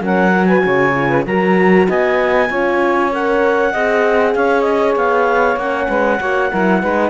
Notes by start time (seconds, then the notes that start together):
0.00 F#3 C#4 A#4 F#5
0.31 F#4
0.45 B4 G#5
0.64 C#3 C#5
0.94 F4
1.08 B4
1.25 F#3 F#4 A#4 A#5
1.88 B3 D#5 G#5
2.49 C#4 F4 C#5
3.12 A#4 F#5
3.71 C4 G#4 D#5
4.34 C#4 C#5 F5
4.61 D#5
4.95 B3 F5
5.56 A#3 C#4 F#5
5.87 G#3 B4
6.19 A#3 F#4 C#5
6.49 F#3 E4 A#4
6.81 G#3 D#4 B4